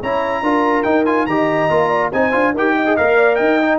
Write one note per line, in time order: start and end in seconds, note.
0.00 0.41 C#4
0.00 0.44 E4
0.00 0.42 C#5
0.00 0.83 A#5
0.41 0.84 D4
0.41 0.85 F4
0.41 1.27 A#4
0.83 1.06 D#4
0.83 1.26 D#4
0.83 1.04 G5
1.05 1.27 F4
1.05 1.26 G#5
1.26 1.69 D#3
1.26 1.70 G4
1.26 1.89 D#5
1.26 2.11 A#5
1.70 2.12 A#3
1.70 2.12 F4
1.89 2.10 D5
2.12 2.34 C4
2.12 2.32 D#4
2.12 2.54 C5
2.12 2.54 G#5
2.32 2.55 D4
2.32 2.53 F4
2.54 2.97 D#4
2.54 2.86 G4
2.54 2.75 A#4
2.54 2.96 G5
2.76 3.17 D#5
2.86 2.97 G#4
2.96 3.39 A#3
2.96 3.60 A#4
2.96 3.35 F5
3.17 3.37 D5
3.35 3.79 D#4
3.35 3.79 D#5
3.35 3.77 G5
3.61 3.79 D#4